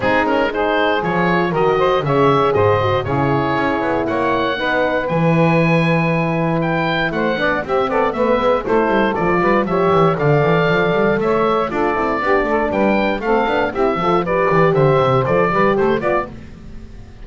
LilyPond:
<<
  \new Staff \with { instrumentName = "oboe" } { \time 4/4 \tempo 4 = 118 gis'8 ais'8 c''4 cis''4 dis''4 | e''4 dis''4 cis''2 | fis''2 gis''2~ | gis''4 g''4 fis''4 e''8 d''8 |
e''4 c''4 d''4 e''4 | f''2 e''4 d''4~ | d''4 g''4 f''4 e''4 | d''4 e''4 d''4 c''8 d''8 | }
  \new Staff \with { instrumentName = "saxophone" } { \time 4/4 dis'4 gis'2 ais'8 c''8 | cis''4 c''4 gis'2 | cis''4 b'2.~ | b'2 c''8 d''8 g'8 a'8 |
b'4 a'4. b'8 cis''4 | d''2 cis''4 a'4 | g'8 a'8 b'4 a'4 g'8 a'8 | b'4 c''4. b'8 a'8 d''8 | }
  \new Staff \with { instrumentName = "horn" } { \time 4/4 c'8 cis'8 dis'4 f'4 fis'4 | gis'4. fis'8 e'2~ | e'4 dis'4 e'2~ | e'2~ e'8 d'8 c'4 |
b4 e'4 f'4 g'4 | a'2. f'8 e'8 | d'2 c'8 d'8 e'8 f'8 | g'2 a'8 g'4 f'8 | }
  \new Staff \with { instrumentName = "double bass" } { \time 4/4 gis2 f4 dis4 | cis4 gis,4 cis4 cis'8 b8 | ais4 b4 e2~ | e2 a8 b8 c'8 b8 |
a8 gis8 a8 g8 f8 g8 f8 e8 | d8 e8 f8 g8 a4 d'8 c'8 | b8 a8 g4 a8 b8 c'8 f8~ | f8 e8 d8 c8 f8 g8 a8 b8 | }
>>